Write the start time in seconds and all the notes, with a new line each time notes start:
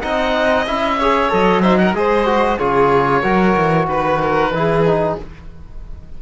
0.00 C4 D#4 D#5 F#5
0.65 C#4 E4 E5
0.98 G#4 C#5
1.29 F#3 A4 D#5
1.62 D#4 C5 E5
1.78 A#4 F#5
1.93 G#3 G#4 C5 D#5
2.25 F#4
2.58 C#3 F4 G#4 C#5
3.22 F#3 F#4 A#4
3.56 E3
3.86 D#3 B4
4.21 A#4
4.50 E3 E4
4.57 G#4
4.86 D#4